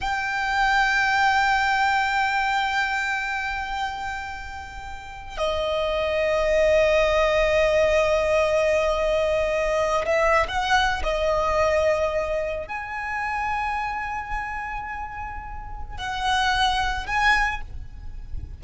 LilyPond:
\new Staff \with { instrumentName = "violin" } { \time 4/4 \tempo 4 = 109 g''1~ | g''1~ | g''4.~ g''16 dis''2~ dis''16~ | dis''1~ |
dis''2~ dis''16 e''8. fis''4 | dis''2. gis''4~ | gis''1~ | gis''4 fis''2 gis''4 | }